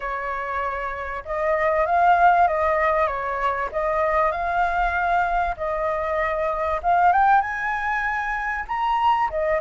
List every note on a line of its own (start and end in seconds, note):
0.00 1.23 C#5
1.25 1.86 D#5
1.86 2.47 F5
2.47 3.07 D#5
3.07 3.69 C#5
3.72 4.31 D#5
4.31 5.55 F5
5.57 6.80 D#5
6.82 7.12 F5
7.12 7.41 G5
7.41 8.64 G#5
8.68 9.30 A#5
9.30 9.60 D#5